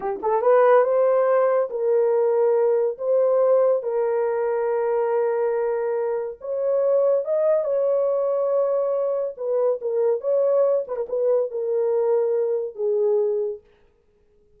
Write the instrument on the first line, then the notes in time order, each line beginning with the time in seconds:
horn
0.00 G4
0.22 A4
0.41 B4
0.84 C5
1.70 A#4
2.97 C5
3.82 A#4
6.40 C#5
7.25 D#5
7.64 C#5
9.37 B4
9.81 A#4
10.20 C#5
10.87 B4
10.96 A#4
11.08 B4
11.50 A#4
12.75 G#4